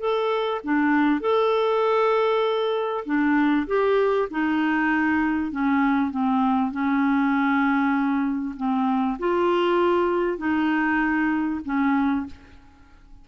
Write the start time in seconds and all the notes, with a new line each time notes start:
0.00 A4
0.64 D4
1.21 A4
3.06 D4
3.67 G4
4.31 D#4
5.52 C#4
6.11 C4
6.72 C#4
8.57 C4
9.19 F4
10.38 D#4
11.65 C#4